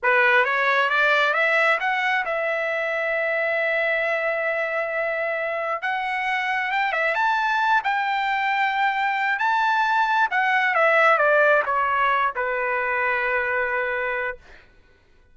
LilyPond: \new Staff \with { instrumentName = "trumpet" } { \time 4/4 \tempo 4 = 134 b'4 cis''4 d''4 e''4 | fis''4 e''2.~ | e''1~ | e''4 fis''2 g''8 e''8 |
a''4. g''2~ g''8~ | g''4 a''2 fis''4 | e''4 d''4 cis''4. b'8~ | b'1 | }